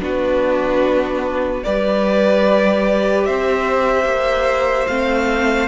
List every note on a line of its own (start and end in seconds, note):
0.00 1.63 B3
0.00 1.62 D4
0.00 1.65 F#4
0.00 1.64 B4
1.64 3.28 G3
1.64 4.89 G4
1.64 3.27 B4
1.64 3.25 D5
3.25 4.05 C4
3.25 5.68 C5
3.25 4.87 E5
4.05 4.86 A#3
4.88 5.68 A3
4.88 5.68 C4
4.88 5.68 F5